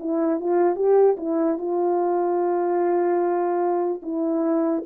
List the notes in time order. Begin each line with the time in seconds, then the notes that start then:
0.00 E4
0.41 F4
0.76 G4
1.18 E4
1.58 F4
4.03 E4